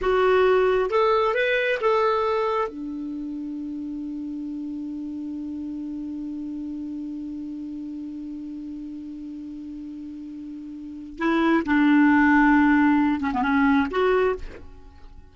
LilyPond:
\new Staff \with { instrumentName = "clarinet" } { \time 4/4 \tempo 4 = 134 fis'2 a'4 b'4 | a'2 d'2~ | d'1~ | d'1~ |
d'1~ | d'1~ | d'4 e'4 d'2~ | d'4. cis'16 b16 cis'4 fis'4 | }